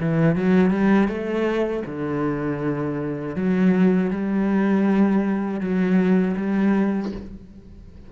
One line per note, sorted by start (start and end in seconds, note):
0.00 0.35 E3
0.35 0.71 F#3
0.71 1.08 G3
1.08 1.83 A3
1.86 3.36 D3
3.36 4.10 F#3
4.10 5.60 G3
5.60 6.35 F#3
6.37 7.12 G3